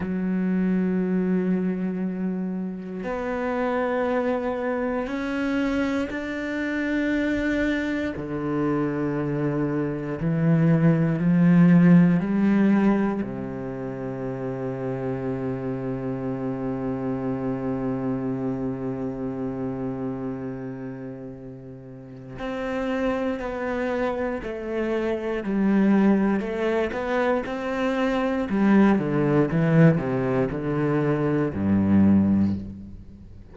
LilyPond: \new Staff \with { instrumentName = "cello" } { \time 4/4 \tempo 4 = 59 fis2. b4~ | b4 cis'4 d'2 | d2 e4 f4 | g4 c2.~ |
c1~ | c2 c'4 b4 | a4 g4 a8 b8 c'4 | g8 d8 e8 c8 d4 g,4 | }